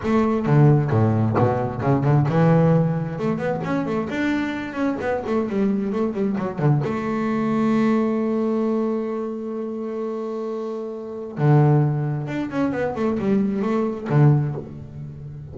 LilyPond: \new Staff \with { instrumentName = "double bass" } { \time 4/4 \tempo 4 = 132 a4 d4 a,4 b,4 | cis8 d8 e2 a8 b8 | cis'8 a8 d'4. cis'8 b8 a8 | g4 a8 g8 fis8 d8 a4~ |
a1~ | a1~ | a4 d2 d'8 cis'8 | b8 a8 g4 a4 d4 | }